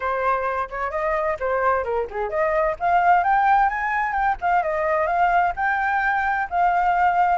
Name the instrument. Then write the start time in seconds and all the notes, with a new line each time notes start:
flute
0.00 C5
0.69 C#5
0.90 D#5
1.39 C5
1.84 A#4
2.10 G#4
2.29 D#5
2.79 F5
3.23 G5
3.69 G#5
4.12 G5
4.41 F5
4.62 D#5
5.06 F5
5.56 G5
6.50 F5